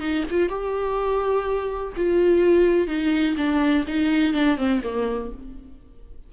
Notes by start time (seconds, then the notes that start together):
0.00 D#4
0.31 F4
0.49 G4
1.97 F4
2.88 D#4
3.37 D4
3.88 D#4
4.33 D4
4.57 C4
4.83 A#3